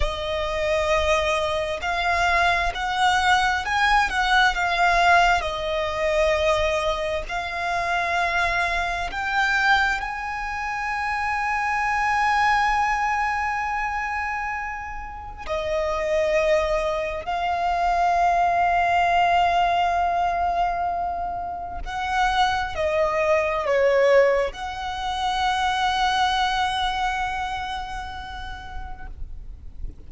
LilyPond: \new Staff \with { instrumentName = "violin" } { \time 4/4 \tempo 4 = 66 dis''2 f''4 fis''4 | gis''8 fis''8 f''4 dis''2 | f''2 g''4 gis''4~ | gis''1~ |
gis''4 dis''2 f''4~ | f''1 | fis''4 dis''4 cis''4 fis''4~ | fis''1 | }